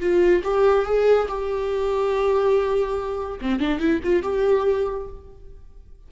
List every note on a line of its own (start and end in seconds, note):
0.00 0.42 F4
0.44 0.85 G4
0.85 1.28 G#4
1.28 3.39 G4
3.41 3.60 C4
3.60 3.79 D4
3.79 4.00 E4
4.03 4.23 F4
4.23 5.07 G4